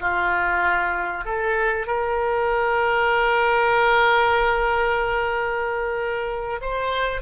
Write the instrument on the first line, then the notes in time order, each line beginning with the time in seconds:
oboe
0.00 F4
1.25 A4
1.87 A#4
6.61 C5